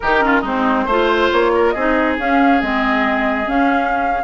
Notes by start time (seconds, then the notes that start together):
0.00 D#3 D#4 G4 A#4
0.20 C#4 F4
0.40 G#3 C4 D#4 C5
0.86 A3 F4 C5
1.31 A#3 C#5
1.55 A#4
1.70 C4 G#4 D#5
1.77 D#4
2.18 C#4 F5
2.61 G#3 C4 D#5
3.46 C#4 F5